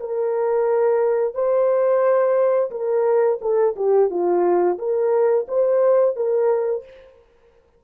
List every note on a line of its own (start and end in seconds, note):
0.00 1.34 A#4
1.34 2.71 C5
2.71 3.39 A#4
3.41 3.75 A4
3.76 4.10 G4
4.10 4.78 F4
4.78 5.46 A#4
5.48 6.16 C5
6.16 6.84 A#4